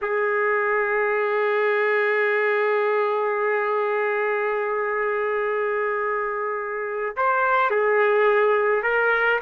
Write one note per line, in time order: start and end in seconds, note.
0.01 7.16 G#4
7.16 7.70 C5
7.70 8.83 G#4
8.83 9.40 A#4